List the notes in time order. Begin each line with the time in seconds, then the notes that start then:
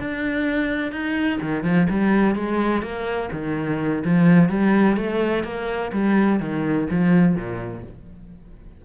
0.00 D4
0.92 D#4
1.42 D#3
1.64 F3
1.90 G3
2.36 G#3
2.82 A#3
3.32 D#3
4.05 F3
4.49 G3
4.97 A3
5.44 A#3
5.92 G3
6.40 D#3
6.91 F3
7.36 A#2